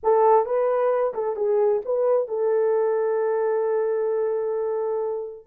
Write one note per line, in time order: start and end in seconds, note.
0.03 0.45 A4
0.45 1.13 B4
1.14 1.36 A4
1.36 1.81 G#4
1.85 2.28 B4
2.28 5.46 A4